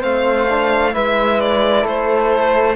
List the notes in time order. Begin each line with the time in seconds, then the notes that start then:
0.00 A3 C4 C5 F5
0.50 D4
0.92 G#3 E4 B4 E5
1.40 D5
1.83 A3 A4 C5